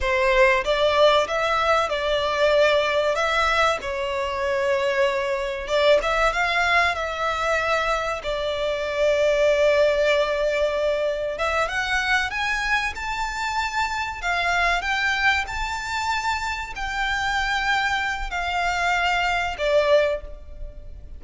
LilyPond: \new Staff \with { instrumentName = "violin" } { \time 4/4 \tempo 4 = 95 c''4 d''4 e''4 d''4~ | d''4 e''4 cis''2~ | cis''4 d''8 e''8 f''4 e''4~ | e''4 d''2.~ |
d''2 e''8 fis''4 gis''8~ | gis''8 a''2 f''4 g''8~ | g''8 a''2 g''4.~ | g''4 f''2 d''4 | }